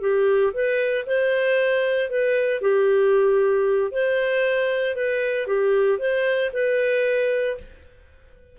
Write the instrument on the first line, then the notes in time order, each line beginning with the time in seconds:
clarinet
0.00 G4
0.53 B4
1.06 C5
2.09 B4
2.61 G4
3.91 C5
4.95 B4
5.47 G4
5.98 C5
6.52 B4